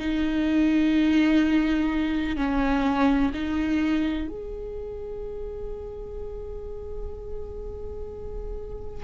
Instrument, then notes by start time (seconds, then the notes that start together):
viola
0.00 D#4
2.37 C#4
3.34 D#4
4.29 G#4